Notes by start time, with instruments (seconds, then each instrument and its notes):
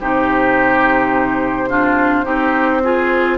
0.00 bassoon C3, clarinet D#4, oboe G4, flute C5
1.69 clarinet D4, oboe F4
2.24 bassoon C4, clarinet D#4, oboe G4
2.83 clarinet F4, oboe G#4